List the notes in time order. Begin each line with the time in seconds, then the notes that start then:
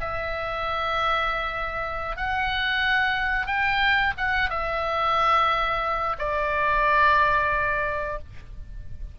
0.00 E5
2.16 F#5
3.47 G5
4.17 F#5
4.50 E5
6.18 D5